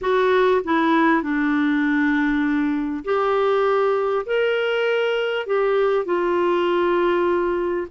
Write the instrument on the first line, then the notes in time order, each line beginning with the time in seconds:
clarinet
0.01 F#4
0.64 E4
1.22 D4
3.04 G4
4.26 A#4
5.46 G4
6.05 F4